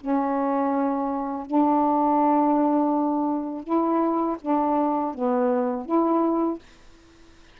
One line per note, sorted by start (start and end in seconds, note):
0.00 1.46 C#4
1.46 3.63 D4
3.63 4.36 E4
4.41 5.14 D4
5.14 5.85 B3
5.85 6.59 E4